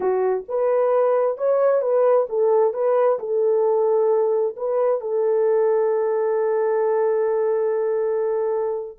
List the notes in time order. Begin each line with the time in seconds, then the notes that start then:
0.00 F#4
0.48 B4
1.37 C#5
1.81 B4
2.29 A4
2.73 B4
3.19 A4
4.56 B4
5.00 A4